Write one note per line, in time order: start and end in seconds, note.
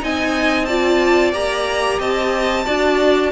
0.00 1.33 C4
0.00 0.66 D#4
0.00 0.68 D#5
0.00 0.66 G#5
0.66 1.34 F4
0.66 1.99 D5
0.66 1.32 A5
1.33 1.99 A#3
1.33 2.66 G4
1.33 2.00 A#5
1.99 2.66 C4
1.99 2.65 D#5
1.99 3.33 A5
2.66 3.33 D4
2.66 3.32 F#4
2.66 3.32 D5